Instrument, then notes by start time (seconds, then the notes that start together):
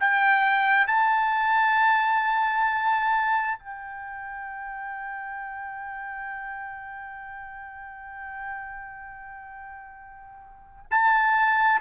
trumpet
0.00 G5
0.87 A5
3.59 G5
10.90 A5